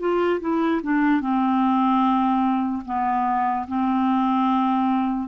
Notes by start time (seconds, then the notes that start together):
0.00 F4
0.41 E4
0.84 D4
1.21 C4
2.86 B3
3.68 C4